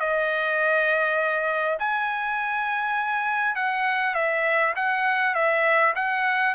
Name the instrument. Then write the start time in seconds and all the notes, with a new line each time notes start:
trumpet
0.00 D#5
1.79 G#5
3.56 F#5
4.15 E5
4.76 F#5
5.35 E5
5.96 F#5